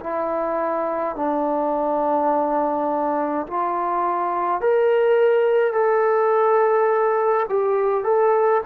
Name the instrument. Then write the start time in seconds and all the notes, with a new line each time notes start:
trombone
0.00 E4
1.15 D4
3.47 F4
4.61 A#4
5.73 A4
7.49 G4
8.03 A4